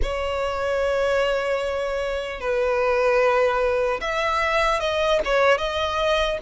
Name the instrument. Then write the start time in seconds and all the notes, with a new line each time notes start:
violin
0.02 C#5
2.40 B4
4.00 E5
4.80 D#5
5.24 C#5
5.57 D#5